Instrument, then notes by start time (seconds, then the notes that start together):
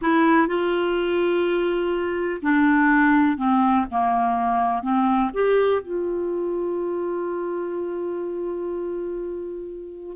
clarinet
0.01 E4
0.47 F4
2.42 D4
3.37 C4
3.91 A#3
4.82 C4
5.33 G4
5.82 F4